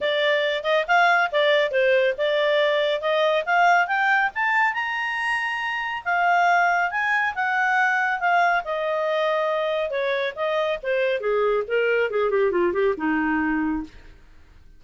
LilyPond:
\new Staff \with { instrumentName = "clarinet" } { \time 4/4 \tempo 4 = 139 d''4. dis''8 f''4 d''4 | c''4 d''2 dis''4 | f''4 g''4 a''4 ais''4~ | ais''2 f''2 |
gis''4 fis''2 f''4 | dis''2. cis''4 | dis''4 c''4 gis'4 ais'4 | gis'8 g'8 f'8 g'8 dis'2 | }